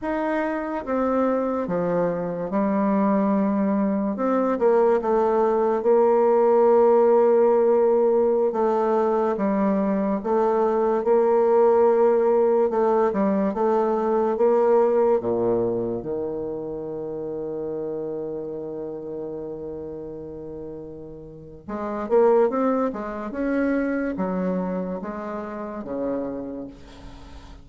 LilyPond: \new Staff \with { instrumentName = "bassoon" } { \time 4/4 \tempo 4 = 72 dis'4 c'4 f4 g4~ | g4 c'8 ais8 a4 ais4~ | ais2~ ais16 a4 g8.~ | g16 a4 ais2 a8 g16~ |
g16 a4 ais4 ais,4 dis8.~ | dis1~ | dis2 gis8 ais8 c'8 gis8 | cis'4 fis4 gis4 cis4 | }